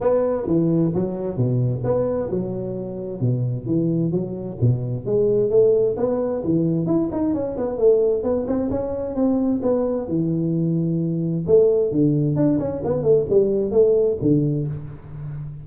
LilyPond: \new Staff \with { instrumentName = "tuba" } { \time 4/4 \tempo 4 = 131 b4 e4 fis4 b,4 | b4 fis2 b,4 | e4 fis4 b,4 gis4 | a4 b4 e4 e'8 dis'8 |
cis'8 b8 a4 b8 c'8 cis'4 | c'4 b4 e2~ | e4 a4 d4 d'8 cis'8 | b8 a8 g4 a4 d4 | }